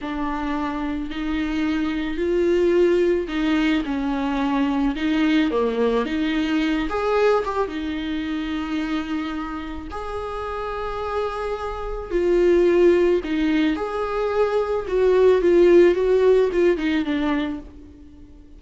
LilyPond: \new Staff \with { instrumentName = "viola" } { \time 4/4 \tempo 4 = 109 d'2 dis'2 | f'2 dis'4 cis'4~ | cis'4 dis'4 ais4 dis'4~ | dis'8 gis'4 g'8 dis'2~ |
dis'2 gis'2~ | gis'2 f'2 | dis'4 gis'2 fis'4 | f'4 fis'4 f'8 dis'8 d'4 | }